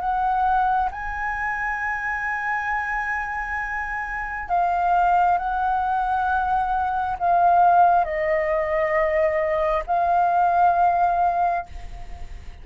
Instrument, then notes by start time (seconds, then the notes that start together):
flute
0.00 F#5
0.92 G#5
4.49 F5
5.38 F#5
7.19 F5
8.04 D#5
9.86 F5